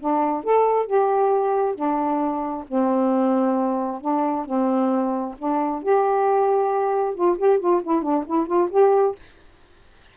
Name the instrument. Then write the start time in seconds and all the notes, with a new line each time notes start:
saxophone
0.00 D4
0.44 A4
0.87 G4
1.75 D4
2.68 C4
4.01 D4
4.46 C4
5.38 D4
5.83 G4
7.15 F4
7.38 G4
7.60 F4
7.83 E4
8.03 D4
8.26 E4
8.47 F4
8.71 G4